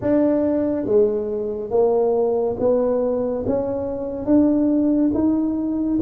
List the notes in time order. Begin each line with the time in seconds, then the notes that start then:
0.01 D4
0.85 G#3
1.70 A#3
2.59 B3
3.46 C#4
4.25 D4
5.14 D#4